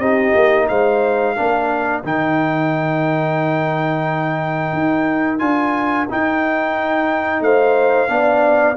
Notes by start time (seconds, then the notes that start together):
0.00 C4 D#4 G4 D#5
0.35 A#3
0.69 G#3 C5 F5
1.36 A#3 D4 A#4
2.04 D#3 D#4 G5
4.74 D#4
5.39 D4 F4 G#5
6.10 D#4 G5
7.41 A3 C5 F5
8.09 B3 D4 D5